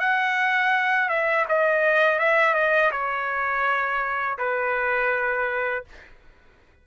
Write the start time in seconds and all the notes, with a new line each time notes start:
0.00 F#5
1.09 E5
1.49 D#5
2.19 E5
2.54 D#5
2.91 C#5
4.39 B4